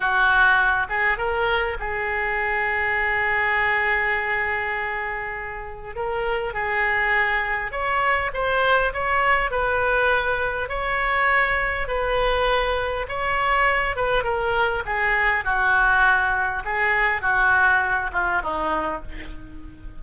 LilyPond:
\new Staff \with { instrumentName = "oboe" } { \time 4/4 \tempo 4 = 101 fis'4. gis'8 ais'4 gis'4~ | gis'1~ | gis'2 ais'4 gis'4~ | gis'4 cis''4 c''4 cis''4 |
b'2 cis''2 | b'2 cis''4. b'8 | ais'4 gis'4 fis'2 | gis'4 fis'4. f'8 dis'4 | }